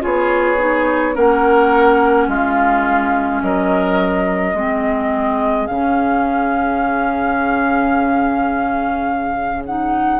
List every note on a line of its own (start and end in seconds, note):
0.00 1.16 B3
0.00 0.57 F4
0.00 1.15 G#4
0.00 1.16 C#5
0.58 1.14 D#4
1.14 2.28 A#3
1.14 4.54 C#4
1.14 2.28 A#4
1.14 2.29 F#5
2.28 3.41 G#3
2.28 3.42 F4
2.28 3.42 F5
3.42 4.54 F#3
3.42 4.56 A#4
3.42 5.67 D#5
4.54 5.67 G#3
4.54 5.69 C4
4.54 10.19 G#4
5.67 10.19 C#3
5.67 9.65 C#4
5.67 9.63 F5
9.65 10.19 D#4
9.65 10.19 F#5